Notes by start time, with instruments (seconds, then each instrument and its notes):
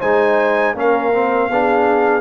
0.00 tuba G#3, trombone D#4, horn C5, trumpet G#5
0.74 tuba A#3, trombone C#4, horn A#4, trumpet F5
1.14 trombone C4
1.50 tuba B3, trombone D4, horn G#4